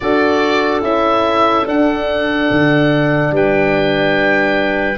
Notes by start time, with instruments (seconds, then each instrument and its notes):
0.00 tuba D4, horn F#4, clarinet A4, oboe D5
0.82 tuba C#4, horn E4, oboe E5
1.65 tuba D4, horn D4, oboe F#5
2.51 tuba D3
3.31 tuba G3, clarinet B4, oboe G5